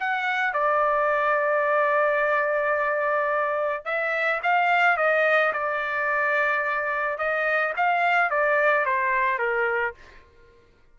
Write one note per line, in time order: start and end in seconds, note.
0.00 0.54 F#5
0.54 3.85 D5
3.85 4.41 E5
4.43 4.97 F5
4.97 5.53 D#5
5.53 7.18 D5
7.18 7.73 D#5
7.77 8.30 F5
8.30 8.85 D5
8.85 9.39 C5
9.39 9.94 A#4